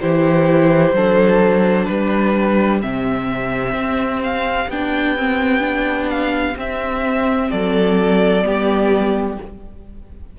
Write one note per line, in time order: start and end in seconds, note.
0.00 0.92 E3
0.00 0.94 E4
0.00 0.95 G4
0.00 1.84 C5
0.92 1.86 F#3
0.92 2.81 D4
0.92 1.88 A4
1.84 2.83 G3
1.84 7.50 G4
1.84 2.78 B4
2.81 3.73 C3
2.81 4.68 C4
2.81 4.22 E5
3.73 4.67 C4
4.23 4.70 F5
4.68 6.55 B3
4.68 5.17 D4
4.68 6.09 G5
5.17 5.59 C4
5.59 6.53 D4
6.09 6.56 F5
6.56 7.50 C4
6.56 8.43 C4
6.56 7.50 E5
7.50 8.44 F#3
7.50 8.44 A4
7.50 9.38 D5
8.43 9.38 G3
8.43 9.36 B3
8.43 9.39 G4